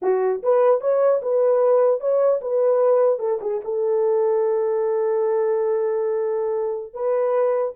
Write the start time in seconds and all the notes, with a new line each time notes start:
0.02 F#4
0.42 B4
0.81 C#5
1.22 B4
2.00 C#5
2.41 B4
3.19 A4
3.41 G#4
3.64 A4
6.93 B4